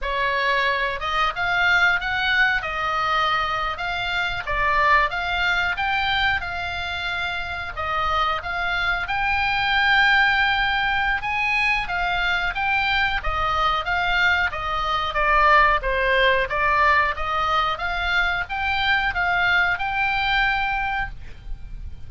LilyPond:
\new Staff \with { instrumentName = "oboe" } { \time 4/4 \tempo 4 = 91 cis''4. dis''8 f''4 fis''4 | dis''4.~ dis''16 f''4 d''4 f''16~ | f''8. g''4 f''2 dis''16~ | dis''8. f''4 g''2~ g''16~ |
g''4 gis''4 f''4 g''4 | dis''4 f''4 dis''4 d''4 | c''4 d''4 dis''4 f''4 | g''4 f''4 g''2 | }